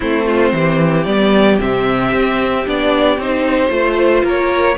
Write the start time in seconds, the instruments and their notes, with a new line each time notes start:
0.00 cello A3, viola C4, violin E4 C5
0.25 violin F4
0.53 cello E3, violin G4
1.04 cello G3, viola B3, violin D5
1.59 cello C3, viola C4, violin E5
2.13 cello C4
2.66 cello B3, viola D4, violin D5
3.17 cello C4, viola D#4, violin C5
3.69 cello A3, viola F4, violin C5
4.23 cello A#3, violin A#4 C#5